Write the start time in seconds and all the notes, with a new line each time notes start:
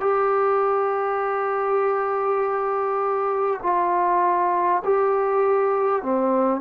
0.00 G4
3.62 F4
4.84 G4
6.02 C4